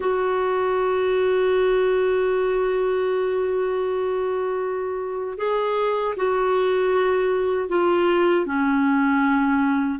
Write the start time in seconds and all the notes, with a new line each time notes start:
0.00 F#4
5.37 G#4
6.16 F#4
7.69 F4
8.45 C#4